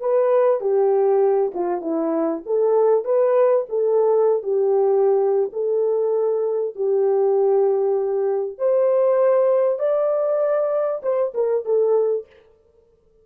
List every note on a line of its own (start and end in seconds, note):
0.00 0.60 B4
0.60 1.52 G4
1.54 1.81 F4
1.81 2.42 E4
2.45 3.04 A4
3.04 3.65 B4
3.68 4.43 A4
4.43 5.50 G4
5.52 6.75 A4
6.75 8.58 G4
8.58 9.79 C5
9.79 11.01 D5
11.02 11.33 C5
11.34 11.65 A#4
11.65 12.26 A4